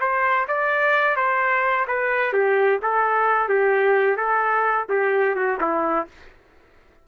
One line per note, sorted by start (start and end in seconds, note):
0.00 0.47 C5
0.48 1.16 D5
1.16 1.86 C5
1.87 2.33 B4
2.33 2.80 G4
2.82 3.48 A4
3.48 4.16 G4
4.16 4.86 A4
4.89 5.35 G4
5.35 5.58 F#4
5.61 6.07 E4